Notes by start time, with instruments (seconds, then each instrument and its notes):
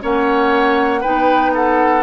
0.00 bassoon A#3, clarinet C#4, oboe C#5, flute F#5
1.01 bassoon B3, clarinet D#4, oboe B4, flute G5
1.54 oboe A4, flute F#5